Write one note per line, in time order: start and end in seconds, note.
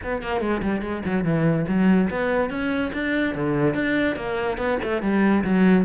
0.03 0.22 B3
0.22 0.41 A#3
0.41 0.61 G#3
0.62 0.81 G3
0.81 1.02 G#3
1.05 1.23 F#3
1.23 1.65 E3
1.68 2.09 F#3
2.09 2.50 B3
2.50 2.91 C#4
2.93 3.34 D4
3.34 3.74 D3
3.74 4.16 D4
4.16 4.57 A#3
4.57 4.78 B3
4.83 5.02 A3
5.02 5.43 G3
5.44 5.85 F#3